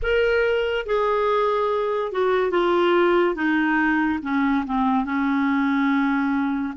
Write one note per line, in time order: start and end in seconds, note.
0.02 0.86 A#4
0.86 2.12 G#4
2.12 2.50 F#4
2.50 3.35 F4
3.35 4.19 D#4
4.22 4.64 C#4
4.66 5.04 C4
5.04 6.73 C#4